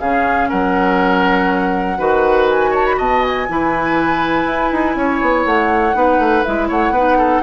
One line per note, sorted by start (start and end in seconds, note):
0.00 0.50 C#3
0.00 1.98 C#4
0.00 0.49 G#4
0.00 0.50 F5
0.49 1.99 F#3
0.49 1.98 A#4
0.49 2.48 F#5
1.98 2.98 D#3
1.98 3.47 F#4
1.98 2.71 B4
2.49 2.74 G#5
2.71 2.96 C#5
2.71 2.86 A5
2.86 2.99 B5
2.98 3.48 B2
2.98 3.47 D#5
2.98 3.24 A5
3.24 5.45 G#5
3.49 4.46 E3
3.49 5.94 E4
3.49 4.98 B4
4.46 4.71 E4
4.72 4.96 D#4
4.96 5.20 C#4
4.96 5.96 C#5
5.22 5.46 B3
5.45 5.94 A3
5.45 6.44 F#5
5.94 6.19 B3
5.94 6.44 D#4
5.94 6.69 B4
6.19 6.44 A3
6.44 6.70 G#3
6.44 6.95 E4
6.44 6.69 E5
6.69 6.90 A3
6.69 6.93 C#5
6.69 7.43 F#5
6.90 7.40 B3
6.90 7.43 D#4
6.90 7.18 B4
7.18 7.43 A4